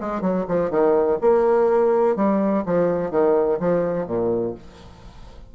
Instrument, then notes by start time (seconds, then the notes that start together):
bassoon
0.00 G#3
0.21 F#3
0.48 F3
0.70 D#3
1.21 A#3
2.16 G3
2.66 F3
3.11 D#3
3.60 F3
4.06 A#2